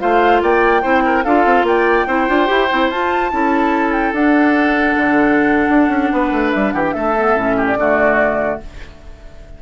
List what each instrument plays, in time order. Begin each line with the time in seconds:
0.00 bassoon A3, clarinet F4, oboe C5, flute F5
0.43 bassoon A#3, oboe D5, flute G5
0.83 bassoon C4, clarinet E4, oboe C5
1.06 oboe A#4
1.24 bassoon D4, clarinet F4, oboe A4, flute F5
1.46 bassoon C4
1.64 bassoon A#3, oboe D5, flute G5
2.07 bassoon C4, clarinet E4, oboe C5
2.28 bassoon D4, clarinet F4
2.47 bassoon E4, clarinet G4
2.71 bassoon C4, clarinet E4
2.90 bassoon F4, clarinet F4, flute A5
3.32 bassoon C#4, clarinet E4, oboe A4
3.93 flute G5
4.13 bassoon D4, clarinet D4, flute F#5
4.97 bassoon D3
5.69 bassoon D4
5.89 bassoon C#4
6.13 bassoon B3, oboe B4
6.32 bassoon A3
6.52 bassoon G3, flute E5
6.72 bassoon E3, oboe G4, flute F#5
6.84 flute G5
6.93 bassoon A3, oboe A4, flute E5
7.17 clarinet B3
7.35 bassoon A2, clarinet C#4
7.57 oboe G4
7.67 flute D5
7.76 bassoon D3, clarinet A3, oboe F#4